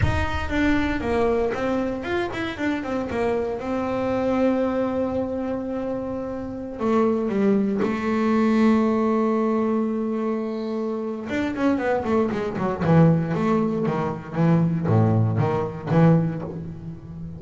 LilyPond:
\new Staff \with { instrumentName = "double bass" } { \time 4/4 \tempo 4 = 117 dis'4 d'4 ais4 c'4 | f'8 e'8 d'8 c'8 ais4 c'4~ | c'1~ | c'4~ c'16 a4 g4 a8.~ |
a1~ | a2 d'8 cis'8 b8 a8 | gis8 fis8 e4 a4 dis4 | e4 a,4 dis4 e4 | }